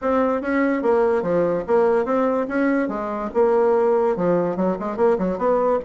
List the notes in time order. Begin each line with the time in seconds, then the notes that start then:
0.01 C4
0.41 C#4
0.82 A#3
1.22 F3
1.67 A#3
2.05 C4
2.48 C#4
2.88 G#3
3.34 A#3
4.16 F3
4.56 F#3
4.79 G#3
4.96 A#3
5.18 F#3
5.38 B3